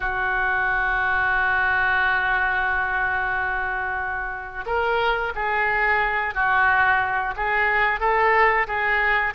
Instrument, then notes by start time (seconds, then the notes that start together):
oboe
0.00 F#4
4.65 A#4
5.35 G#4
6.34 F#4
7.36 G#4
8.00 A4
8.67 G#4